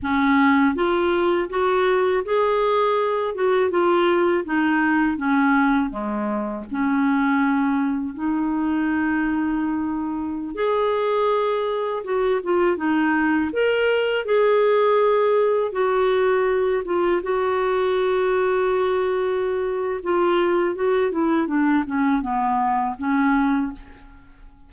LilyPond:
\new Staff \with { instrumentName = "clarinet" } { \time 4/4 \tempo 4 = 81 cis'4 f'4 fis'4 gis'4~ | gis'8 fis'8 f'4 dis'4 cis'4 | gis4 cis'2 dis'4~ | dis'2~ dis'16 gis'4.~ gis'16~ |
gis'16 fis'8 f'8 dis'4 ais'4 gis'8.~ | gis'4~ gis'16 fis'4. f'8 fis'8.~ | fis'2. f'4 | fis'8 e'8 d'8 cis'8 b4 cis'4 | }